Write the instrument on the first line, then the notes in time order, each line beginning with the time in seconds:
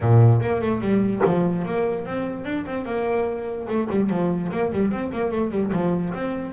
double bass
0.01 A#2
0.41 A#3
0.61 A3
0.81 G3
1.25 F3
1.65 A#3
2.05 C4
2.44 D4
2.66 C4
2.85 A#3
3.68 A3
3.90 G3
4.09 F3
4.51 A#3
4.72 G3
4.91 C4
5.12 A#3
5.31 A3
5.51 G3
5.72 F3
6.13 C4